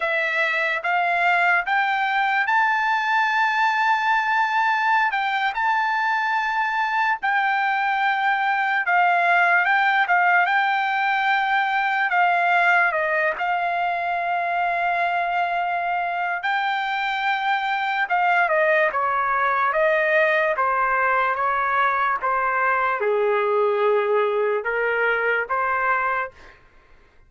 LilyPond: \new Staff \with { instrumentName = "trumpet" } { \time 4/4 \tempo 4 = 73 e''4 f''4 g''4 a''4~ | a''2~ a''16 g''8 a''4~ a''16~ | a''8. g''2 f''4 g''16~ | g''16 f''8 g''2 f''4 dis''16~ |
dis''16 f''2.~ f''8. | g''2 f''8 dis''8 cis''4 | dis''4 c''4 cis''4 c''4 | gis'2 ais'4 c''4 | }